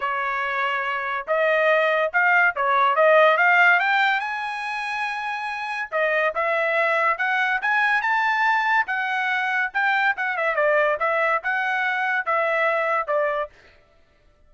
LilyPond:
\new Staff \with { instrumentName = "trumpet" } { \time 4/4 \tempo 4 = 142 cis''2. dis''4~ | dis''4 f''4 cis''4 dis''4 | f''4 g''4 gis''2~ | gis''2 dis''4 e''4~ |
e''4 fis''4 gis''4 a''4~ | a''4 fis''2 g''4 | fis''8 e''8 d''4 e''4 fis''4~ | fis''4 e''2 d''4 | }